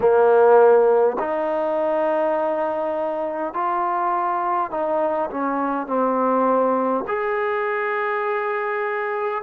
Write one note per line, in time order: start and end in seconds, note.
0.00 1.17 A#3
1.19 3.53 D#4
3.53 4.71 F4
4.71 5.29 D#4
5.30 5.87 C#4
5.87 7.04 C4
7.07 9.42 G#4